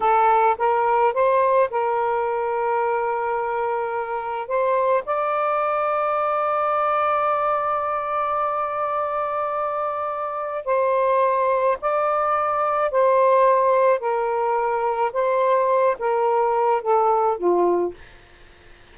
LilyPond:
\new Staff \with { instrumentName = "saxophone" } { \time 4/4 \tempo 4 = 107 a'4 ais'4 c''4 ais'4~ | ais'1 | c''4 d''2.~ | d''1~ |
d''2. c''4~ | c''4 d''2 c''4~ | c''4 ais'2 c''4~ | c''8 ais'4. a'4 f'4 | }